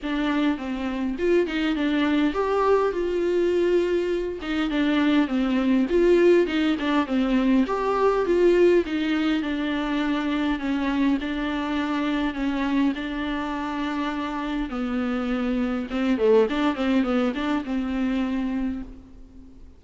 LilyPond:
\new Staff \with { instrumentName = "viola" } { \time 4/4 \tempo 4 = 102 d'4 c'4 f'8 dis'8 d'4 | g'4 f'2~ f'8 dis'8 | d'4 c'4 f'4 dis'8 d'8 | c'4 g'4 f'4 dis'4 |
d'2 cis'4 d'4~ | d'4 cis'4 d'2~ | d'4 b2 c'8 a8 | d'8 c'8 b8 d'8 c'2 | }